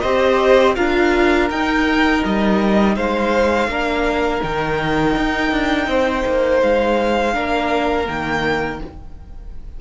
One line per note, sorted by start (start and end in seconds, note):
0.00 0.77 C4
0.00 0.76 G4
0.00 0.75 C5
0.00 0.73 D#5
0.75 1.50 D4
0.75 1.49 F4
0.75 2.95 A#4
0.75 1.48 F5
1.50 2.23 D#4
1.50 3.69 D#4
1.50 2.23 G5
2.25 2.97 G3
2.25 2.96 D#5
2.96 3.67 G#3
2.96 3.69 C5
2.96 4.42 F5
3.67 4.40 A#3
3.67 4.41 D4
3.67 5.89 A#4
4.41 5.16 D#3
4.41 7.33 D#4
4.41 6.61 G5
5.16 5.51 D#4
5.51 5.87 D4
5.87 6.23 C4
5.87 7.33 C5
6.26 6.62 A#3
6.61 7.35 G#3
6.61 8.08 F5
7.33 8.07 A#3
7.33 8.05 D4
7.33 8.80 A#4
8.05 8.81 D#3
8.05 8.78 A#3
8.05 8.81 G5